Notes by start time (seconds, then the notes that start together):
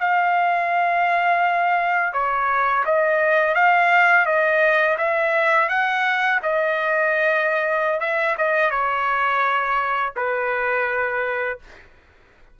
0.00 F5
2.13 C#5
2.85 D#5
3.55 F5
4.26 D#5
4.98 E5
5.69 F#5
6.43 D#5
8.00 E5
8.38 D#5
8.70 C#5
10.16 B4